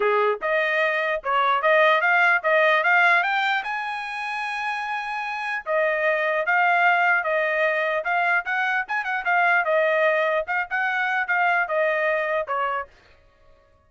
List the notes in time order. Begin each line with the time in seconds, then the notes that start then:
0.00 G#4
0.41 D#5
1.23 C#5
1.61 D#5
2.01 F5
2.43 D#5
2.83 F5
3.23 G5
3.63 G#5
5.65 D#5
6.46 F5
7.23 D#5
8.04 F5
8.45 F#5
8.88 G#5
9.04 F#5
9.25 F5
9.65 D#5
10.47 F5
10.70 F#5
11.27 F5
11.68 D#5
12.47 C#5